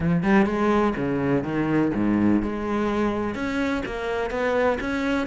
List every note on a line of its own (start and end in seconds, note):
0.00 0.22 F3
0.22 0.46 G3
0.46 0.94 G#3
0.96 1.43 C#3
1.43 1.91 D#3
1.94 2.42 G#2
2.42 3.35 G#3
3.35 3.83 C#4
3.85 4.30 A#3
4.30 4.78 B3
4.80 5.26 C#4